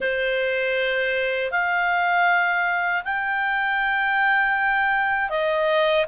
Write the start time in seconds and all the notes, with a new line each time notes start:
0.00 C5
1.51 F5
3.04 G5
5.29 D#5